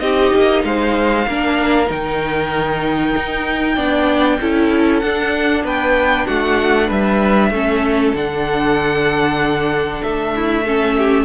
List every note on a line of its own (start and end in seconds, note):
0.00 0.32 C4
0.00 1.26 D#4
0.00 0.65 G4
0.00 0.62 D#5
0.35 0.64 A#3
0.64 1.27 G#3
0.64 1.28 C5
0.64 1.90 F5
1.28 1.90 A#3
1.28 1.87 D4
1.28 3.76 A#4
1.87 3.15 D#3
1.87 3.74 D#4
1.87 5.00 G5
3.16 3.77 D#4
3.76 4.40 B3
3.76 4.39 D4
3.76 4.38 D5
4.41 5.03 C#4
4.41 5.04 E4
4.41 5.64 A4
5.00 5.64 D4
5.00 7.54 D4
5.00 5.62 F#5
5.64 6.26 B3
5.64 6.26 B4
5.64 6.27 G5
6.26 6.90 A3
6.26 6.88 F#4
6.26 6.90 F#5
6.88 7.51 G3
6.88 7.50 B4
6.88 8.15 E5
7.51 8.13 A3
7.51 8.15 C#4
7.51 10.35 A4
8.14 10.02 D3
8.14 10.65 D4
8.14 10.03 F#5
10.03 11.25 A3
10.03 11.25 E5
10.36 10.65 E4
10.65 11.25 C#4
10.65 10.96 A4
10.98 11.25 G4